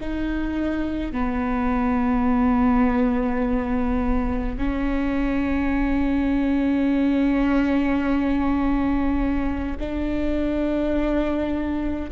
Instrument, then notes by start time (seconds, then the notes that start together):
viola
0.00 D#4
1.12 B3
4.57 C#4
9.79 D4